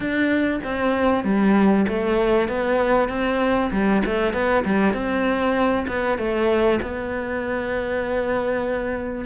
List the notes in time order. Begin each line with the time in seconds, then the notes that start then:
0.00 D4
0.64 C4
1.24 G3
1.88 A3
2.48 B3
3.08 C4
3.71 G3
4.05 A3
4.33 B3
4.64 G3
4.93 C4
5.87 B3
6.18 A3
6.82 B3